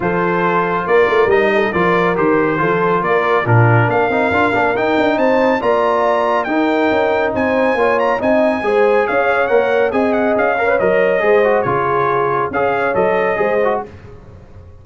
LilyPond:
<<
  \new Staff \with { instrumentName = "trumpet" } { \time 4/4 \tempo 4 = 139 c''2 d''4 dis''4 | d''4 c''2 d''4 | ais'4 f''2 g''4 | a''4 ais''2 g''4~ |
g''4 gis''4. ais''8 gis''4~ | gis''4 f''4 fis''4 gis''8 fis''8 | f''4 dis''2 cis''4~ | cis''4 f''4 dis''2 | }
  \new Staff \with { instrumentName = "horn" } { \time 4/4 a'2 ais'4. a'8 | ais'2 a'4 ais'4 | f'4 ais'2. | c''4 d''2 ais'4~ |
ais'4 c''4 cis''4 dis''4 | c''4 cis''2 dis''4~ | dis''8 cis''4. c''4 gis'4~ | gis'4 cis''2 c''4 | }
  \new Staff \with { instrumentName = "trombone" } { \time 4/4 f'2. dis'4 | f'4 g'4 f'2 | d'4. dis'8 f'8 d'8 dis'4~ | dis'4 f'2 dis'4~ |
dis'2 f'4 dis'4 | gis'2 ais'4 gis'4~ | gis'8 ais'16 b'16 ais'4 gis'8 fis'8 f'4~ | f'4 gis'4 a'4 gis'8 fis'8 | }
  \new Staff \with { instrumentName = "tuba" } { \time 4/4 f2 ais8 a8 g4 | f4 dis4 f4 ais4 | ais,4 ais8 c'8 d'8 ais8 dis'8 d'8 | c'4 ais2 dis'4 |
cis'4 c'4 ais4 c'4 | gis4 cis'4 ais4 c'4 | cis'4 fis4 gis4 cis4~ | cis4 cis'4 fis4 gis4 | }
>>